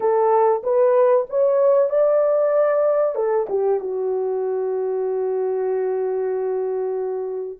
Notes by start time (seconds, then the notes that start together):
0.00 A4
0.63 B4
1.29 C#5
1.89 D5
3.15 A4
3.49 G4
3.80 F#4